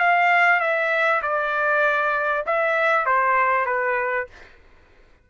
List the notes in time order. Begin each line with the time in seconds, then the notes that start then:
0.00 F5
0.61 E5
1.23 D5
2.47 E5
3.06 C5
3.66 B4